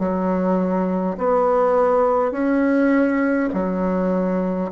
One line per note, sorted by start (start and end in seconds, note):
0.00 1.18 F#3
1.18 2.32 B3
2.32 3.50 C#4
3.54 4.72 F#3